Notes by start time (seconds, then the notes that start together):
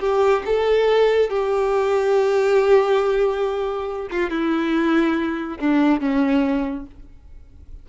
0.00 G4
0.45 A4
1.30 G4
4.11 F4
4.30 E4
5.59 D4
6.00 C#4